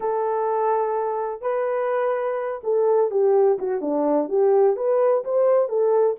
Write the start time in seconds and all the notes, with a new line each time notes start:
0.00 A4
1.41 B4
2.63 A4
3.10 G4
3.58 F#4
3.81 D4
4.29 G4
4.76 B4
5.24 C5
5.68 A4